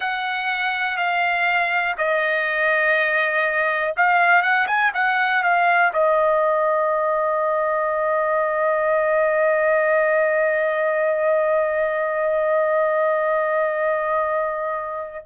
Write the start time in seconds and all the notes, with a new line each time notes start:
0.00 F#5
0.97 F5
1.97 D#5
3.96 F5
4.42 F#5
4.67 G#5
4.94 F#5
5.43 F5
5.93 D#5